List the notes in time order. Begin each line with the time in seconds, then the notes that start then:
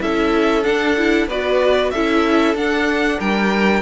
0.00 C#4 E4 A4 E5
0.63 D4 F#5
0.96 E4
1.27 B3 F#4 B4 D5
1.90 C#4 E4 A4 E5
2.54 D4 F#5
3.19 G3 A#4 G5